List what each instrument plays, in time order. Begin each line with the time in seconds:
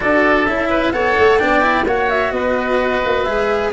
0.00 tuba D4, cello F#4, oboe A4, flute D5
0.45 tuba C#4, cello E4, flute E5
0.69 oboe B4
0.92 tuba B3, cello A4, oboe C#5, flute F#5
1.18 tuba A3
1.38 tuba B3, cello D4, oboe D5, flute G5
1.61 cello E4
1.86 tuba A#3, cello F#4, oboe C#5, flute F#5
2.09 flute E5
2.31 tuba B3, oboe B4, flute D#5
3.05 tuba A#3
3.23 tuba G#3, cello G#4, flute E5